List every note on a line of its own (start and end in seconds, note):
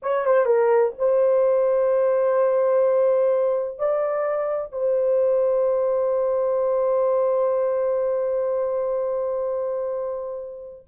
0.02 0.25 C#5
0.25 0.45 C5
0.45 0.92 A#4
0.98 3.78 C5
3.78 4.71 D5
4.71 10.86 C5